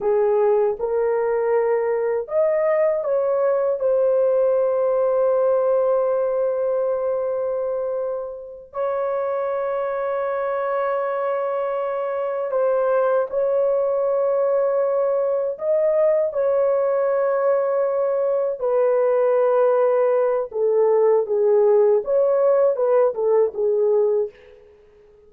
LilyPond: \new Staff \with { instrumentName = "horn" } { \time 4/4 \tempo 4 = 79 gis'4 ais'2 dis''4 | cis''4 c''2.~ | c''2.~ c''8 cis''8~ | cis''1~ |
cis''8 c''4 cis''2~ cis''8~ | cis''8 dis''4 cis''2~ cis''8~ | cis''8 b'2~ b'8 a'4 | gis'4 cis''4 b'8 a'8 gis'4 | }